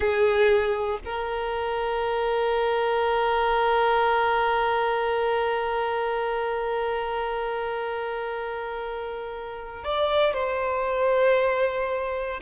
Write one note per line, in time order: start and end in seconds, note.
0.00 0.99 G#4
1.04 9.83 A#4
9.83 10.33 D5
10.33 12.40 C5